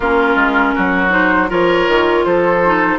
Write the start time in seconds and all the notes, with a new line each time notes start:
0.00 A#3 C#4 F4 A#4
0.35 G#3
0.74 F#3 F#4
1.10 D#4 C5
1.48 F3 F4 A#4 C#5
1.88 D#3
2.24 F3 A4 C5
2.65 D#4